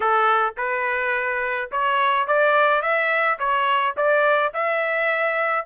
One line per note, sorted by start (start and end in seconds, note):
0.00 0.54 A4
0.57 1.70 B4
1.71 2.27 C#5
2.27 2.81 D5
2.81 3.38 E5
3.39 3.95 C#5
3.96 4.53 D5
4.53 5.65 E5